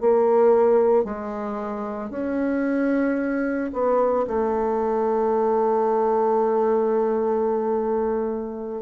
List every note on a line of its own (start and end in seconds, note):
0.00 1.04 A#3
1.04 2.10 G#3
2.10 3.70 C#4
3.73 4.26 B3
4.27 8.82 A3